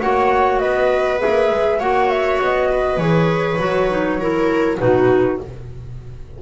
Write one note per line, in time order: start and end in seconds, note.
0.00 0.62 A#3
0.00 1.19 F#4
0.00 0.60 C#5
0.00 0.58 F#5
0.58 1.23 B3
0.58 1.79 B4
0.58 1.19 D#5
1.19 1.79 G#4
1.19 1.80 E5
1.25 1.49 A#3
1.49 1.79 G#3
1.79 2.39 A#3
1.79 2.99 F#4
1.79 2.69 C#5
1.79 2.10 F#5
2.10 2.40 E5
2.41 2.97 B3
2.41 2.98 D#5
2.71 4.19 B4
2.97 3.57 E3
2.97 3.58 G#4
2.97 4.78 C#5
3.58 4.78 F#3
3.58 3.88 F#4
3.89 4.19 D#4
4.19 4.78 E4
4.19 4.79 A#4
4.78 5.40 B2
4.78 5.38 D#4
4.78 5.42 F#4
4.78 5.39 B4